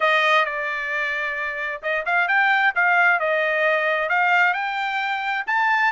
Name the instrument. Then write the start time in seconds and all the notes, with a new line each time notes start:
trumpet
0.00 D#5
0.45 D5
1.82 D#5
2.05 F5
2.28 G5
2.75 F5
3.19 D#5
4.09 F5
4.53 G5
5.46 A5